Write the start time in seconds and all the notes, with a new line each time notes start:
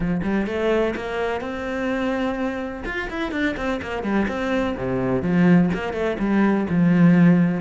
0.00 F3
0.23 G3
0.46 A3
0.95 A#3
1.40 C4
2.85 F4
3.09 E4
3.31 D4
3.56 C4
3.81 A#3
4.03 G3
4.27 C4
4.76 C3
5.22 F3
5.74 A#3
5.93 A3
6.19 G3
6.69 F3